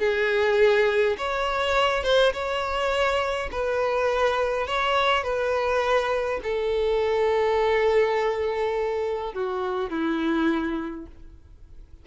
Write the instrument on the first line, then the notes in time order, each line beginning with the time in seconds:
violin
0.00 G#4
1.18 C#5
2.04 C5
2.33 C#5
3.52 B4
4.67 C#5
5.24 B4
6.43 A4
9.34 F#4
9.90 E4